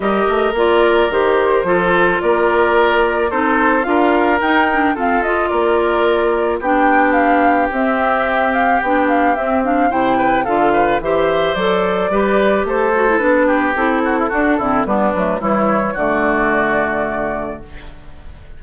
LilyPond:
<<
  \new Staff \with { instrumentName = "flute" } { \time 4/4 \tempo 4 = 109 dis''4 d''4 c''2 | d''2 c''4 f''4 | g''4 f''8 dis''8 d''2 | g''4 f''4 e''4. f''8 |
g''8 f''8 e''8 f''8 g''4 f''4 | e''4 d''2 c''4 | b'4 a'2 b'4 | cis''4 d''2. | }
  \new Staff \with { instrumentName = "oboe" } { \time 4/4 ais'2. a'4 | ais'2 a'4 ais'4~ | ais'4 a'4 ais'2 | g'1~ |
g'2 c''8 b'8 a'8 b'8 | c''2 b'4 a'4~ | a'8 g'4 fis'16 e'16 fis'8 e'8 d'4 | e'4 fis'2. | }
  \new Staff \with { instrumentName = "clarinet" } { \time 4/4 g'4 f'4 g'4 f'4~ | f'2 dis'4 f'4 | dis'8 d'8 c'8 f'2~ f'8 | d'2 c'2 |
d'4 c'8 d'8 e'4 f'4 | g'4 a'4 g'4. fis'16 e'16 | d'4 e'4 d'8 c'8 b8 a8 | g4 a2. | }
  \new Staff \with { instrumentName = "bassoon" } { \time 4/4 g8 a8 ais4 dis4 f4 | ais2 c'4 d'4 | dis'4 f'4 ais2 | b2 c'2 |
b4 c'4 c4 d4 | e4 fis4 g4 a4 | b4 c'4 d'8 d8 g8 fis8 | e4 d2. | }
>>